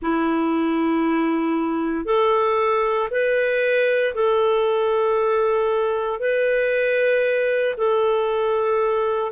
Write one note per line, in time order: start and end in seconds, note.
0.01 2.05 E4
2.05 3.08 A4
3.10 4.14 B4
4.14 6.19 A4
6.19 7.74 B4
7.77 9.31 A4